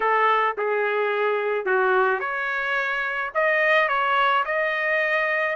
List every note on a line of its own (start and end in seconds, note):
0.00 0.56 A4
0.57 1.65 G#4
1.65 2.19 F#4
2.19 3.31 C#5
3.34 3.88 D#5
3.88 4.43 C#5
4.45 5.56 D#5